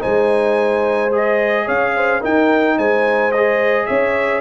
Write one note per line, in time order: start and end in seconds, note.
0.00 1.68 G#3
0.00 1.10 D#4
0.00 1.66 C5
0.00 1.13 G#5
1.12 2.22 G#4
1.12 1.68 D#5
1.66 2.24 C#4
1.66 1.93 C#5
1.66 2.23 F5
1.96 2.21 C5
2.21 3.32 D#4
2.21 2.78 D#4
2.21 2.76 A#4
2.21 2.79 G5
2.78 3.88 G#3
2.78 3.88 C5
2.78 3.32 G#5
3.32 4.41 G#4
3.32 3.86 D#5
3.86 4.41 C#4
3.86 4.41 C#5
3.86 4.41 E5